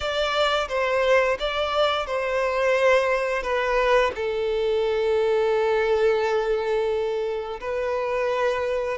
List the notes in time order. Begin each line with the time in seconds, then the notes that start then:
0.00 D5
0.68 C5
1.39 D5
2.06 C5
3.42 B4
4.15 A4
7.60 B4